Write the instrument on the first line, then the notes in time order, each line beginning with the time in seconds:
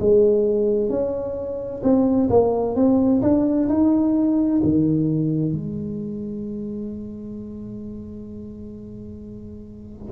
tuba
0.00 G#3
0.89 C#4
1.83 C4
2.30 A#3
2.75 C4
3.22 D4
3.69 D#4
4.63 D#3
5.52 G#3